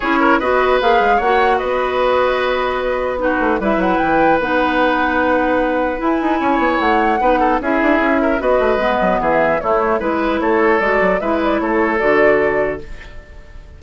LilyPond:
<<
  \new Staff \with { instrumentName = "flute" } { \time 4/4 \tempo 4 = 150 cis''4 dis''4 f''4 fis''4 | dis''1 | b'4 e''8 fis''8 g''4 fis''4~ | fis''2. gis''4~ |
gis''4 fis''2 e''4~ | e''4 dis''2 e''4 | cis''4 b'4 cis''4 d''4 | e''8 d''8 cis''4 d''2 | }
  \new Staff \with { instrumentName = "oboe" } { \time 4/4 gis'8 ais'8 b'2 cis''4 | b'1 | fis'4 b'2.~ | b'1 |
cis''2 b'8 a'8 gis'4~ | gis'8 ais'8 b'2 gis'4 | e'4 b'4 a'2 | b'4 a'2. | }
  \new Staff \with { instrumentName = "clarinet" } { \time 4/4 e'4 fis'4 gis'4 fis'4~ | fis'1 | dis'4 e'2 dis'4~ | dis'2. e'4~ |
e'2 dis'4 e'4~ | e'4 fis'4 b2 | a4 e'2 fis'4 | e'2 fis'2 | }
  \new Staff \with { instrumentName = "bassoon" } { \time 4/4 cis'4 b4 ais8 gis8 ais4 | b1~ | b8 a8 g8 fis8 e4 b4~ | b2. e'8 dis'8 |
cis'8 b8 a4 b4 cis'8 d'8 | cis'4 b8 a8 gis8 fis8 e4 | a4 gis4 a4 gis8 fis8 | gis4 a4 d2 | }
>>